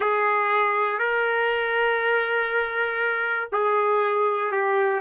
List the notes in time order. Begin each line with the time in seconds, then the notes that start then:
0.00 G#4
0.98 A#4
3.52 G#4
4.51 G4